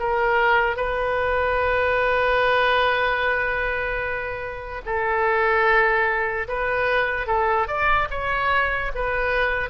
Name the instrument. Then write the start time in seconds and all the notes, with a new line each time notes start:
oboe
0.00 A#4
0.77 B4
4.86 A4
6.48 B4
7.27 A4
7.68 D5
8.11 C#5
8.96 B4